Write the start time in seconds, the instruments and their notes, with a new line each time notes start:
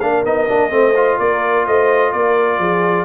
0.00 tuba A#3, trombone D4, horn A#4, trumpet F5
0.25 tuba B3, trombone D#4, trumpet D#5
0.48 tuba A#3, trombone D4
0.70 tuba A3, trombone C4, horn C5
0.95 trombone F4
1.19 tuba A#3, horn A#4, trumpet D5
1.66 tuba A3, horn C5, trumpet D#5
2.12 tuba A#3, horn A#4, trumpet D5
2.59 tuba F3, horn G#4